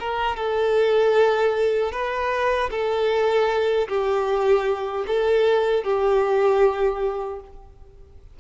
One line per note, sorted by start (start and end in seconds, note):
0.00 0.36 A#4
0.36 1.92 A4
1.92 2.70 B4
2.71 3.88 A4
3.89 5.05 G4
5.08 5.84 A4
5.84 7.40 G4